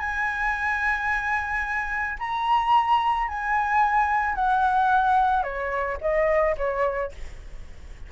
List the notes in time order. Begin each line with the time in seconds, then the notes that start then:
0.00 G#5
2.19 A#5
3.28 G#5
4.35 F#5
5.43 C#5
6.01 D#5
6.58 C#5